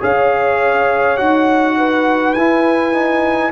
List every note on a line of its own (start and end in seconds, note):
0.00 1.21 C#4
0.00 1.18 G#4
0.00 1.76 C#5
0.00 1.17 F5
1.17 2.36 D#4
1.17 2.35 F#4
1.17 2.34 F#5
1.78 3.52 B4
2.34 3.52 E4
2.34 2.93 E4
2.34 3.51 G#5
2.93 3.52 D#4